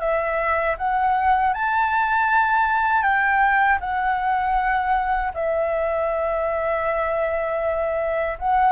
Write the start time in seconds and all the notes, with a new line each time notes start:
0.00 E5
0.78 F#5
1.54 A5
3.02 G5
3.80 F#5
5.34 E5
8.39 F#5